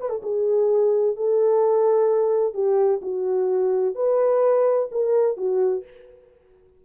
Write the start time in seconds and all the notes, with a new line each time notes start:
0.00 B4
0.09 A4
0.23 G#4
1.16 A4
2.54 G4
3.01 F#4
3.95 B4
4.91 A#4
5.37 F#4